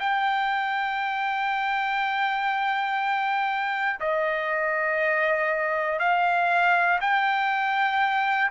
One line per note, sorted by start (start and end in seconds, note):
0.00 4.00 G5
4.00 6.00 D#5
6.00 7.00 F5
7.00 8.50 G5